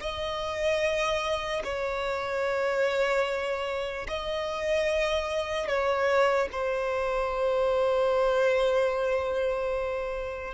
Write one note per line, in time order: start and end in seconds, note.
0.00 1.62 D#5
1.63 4.07 C#5
4.08 5.67 D#5
5.67 6.48 C#5
6.52 10.54 C5